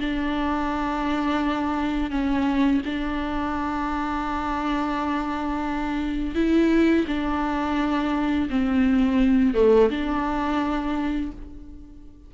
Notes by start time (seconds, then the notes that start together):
0.00 D4
2.11 C#4
2.85 D4
6.35 E4
7.07 D4
8.50 C4
9.55 A3
9.90 D4